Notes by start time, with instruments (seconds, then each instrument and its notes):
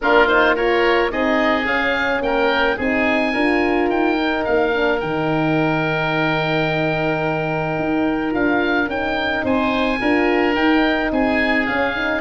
0.01 tuba A#3, horn D4, oboe F4 A#4
0.27 horn D#4, oboe C5
0.55 horn F4, oboe A#4 C#5
1.10 tuba C4, horn D#4, oboe G#4 D#5
1.65 tuba C#4, horn C#4, oboe F5
2.21 tuba A#3, oboe A#4 G5
2.76 tuba C4, horn D#4, oboe G#4 G#5
3.33 tuba D4, horn F4, oboe A#4
3.89 tuba D#4, oboe G5
4.16 horn D#4
4.44 tuba A#3, oboe F5
4.72 horn D4
5.00 tuba D#3, horn D#4, oboe G5
7.78 tuba D#4
8.30 tuba D4, horn F4, oboe F5
8.87 tuba C#4, horn D#4, oboe G5
9.43 tuba C4, oboe C5 G#5
9.99 tuba D4, horn F4, oboe A#4
10.55 tuba D#4, horn D#4, oboe G5
11.11 tuba C4, oboe G#4 G#5
11.67 tuba C#4, horn C#4, oboe F5
11.95 horn D#4